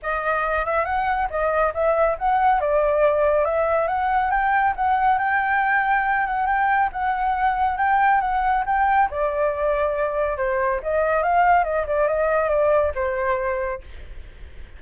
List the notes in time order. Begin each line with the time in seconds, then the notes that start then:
0.02 D#5
0.65 E5
0.85 F#5
1.30 D#5
1.74 E5
2.18 F#5
2.60 D5
3.44 E5
3.87 F#5
4.30 G5
4.76 F#5
5.18 G5
6.26 F#5
6.46 G5
6.92 F#5
7.77 G5
8.21 F#5
8.65 G5
9.10 D5
10.37 C5
10.82 D#5
11.22 F5
11.63 D#5
11.86 D5
12.07 D#5
12.49 D5
12.95 C5